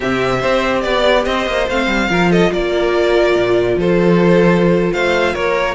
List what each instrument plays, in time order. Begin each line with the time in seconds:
0.00 cello C3, viola C4, violin G4 E5
0.39 cello C4, viola G4, violin C5
0.81 cello B3, violin D5
1.25 cello C4, violin C5 D#5
1.47 cello A#3
1.68 cello A3, viola C4, violin F5
1.86 cello G3
2.09 cello F3, viola F4, violin A#4
2.30 violin A4 D#5
2.52 cello A#3, violin A#4 D5
3.35 cello A#2
3.76 cello F3, violin A4 C5
4.93 cello A3, violin C5 F5
5.33 cello A#3, violin A#4 C#5